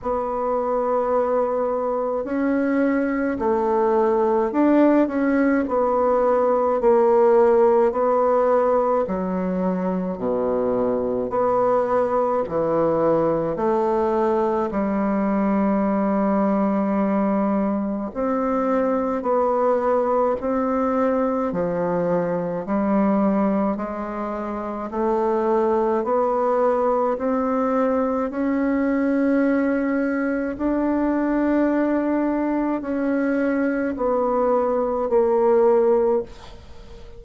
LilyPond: \new Staff \with { instrumentName = "bassoon" } { \time 4/4 \tempo 4 = 53 b2 cis'4 a4 | d'8 cis'8 b4 ais4 b4 | fis4 b,4 b4 e4 | a4 g2. |
c'4 b4 c'4 f4 | g4 gis4 a4 b4 | c'4 cis'2 d'4~ | d'4 cis'4 b4 ais4 | }